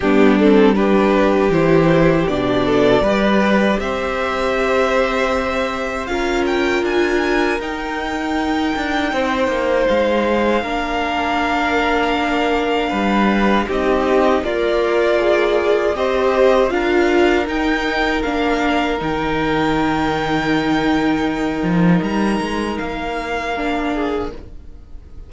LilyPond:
<<
  \new Staff \with { instrumentName = "violin" } { \time 4/4 \tempo 4 = 79 g'8 a'8 b'4 c''4 d''4~ | d''4 e''2. | f''8 g''8 gis''4 g''2~ | g''4 f''2.~ |
f''2 dis''4 d''4~ | d''4 dis''4 f''4 g''4 | f''4 g''2.~ | g''4 ais''4 f''2 | }
  \new Staff \with { instrumentName = "violin" } { \time 4/4 d'4 g'2~ g'8 a'8 | b'4 c''2. | ais'1 | c''2 ais'2~ |
ais'4 b'4 g'4 f'4~ | f'4 c''4 ais'2~ | ais'1~ | ais'2.~ ais'8 gis'8 | }
  \new Staff \with { instrumentName = "viola" } { \time 4/4 b8 c'8 d'4 e'4 d'4 | g'1 | f'2 dis'2~ | dis'2 d'2~ |
d'2 dis'4 ais'4 | gis'4 g'4 f'4 dis'4 | d'4 dis'2.~ | dis'2. d'4 | }
  \new Staff \with { instrumentName = "cello" } { \time 4/4 g2 e4 b,4 | g4 c'2. | cis'4 d'4 dis'4. d'8 | c'8 ais8 gis4 ais2~ |
ais4 g4 c'4 ais4~ | ais4 c'4 d'4 dis'4 | ais4 dis2.~ | dis8 f8 g8 gis8 ais2 | }
>>